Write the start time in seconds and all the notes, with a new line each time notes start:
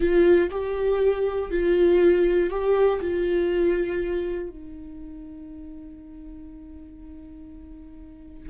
0.00 F4
0.50 G4
1.50 F4
2.50 G4
3.01 F4
4.49 D#4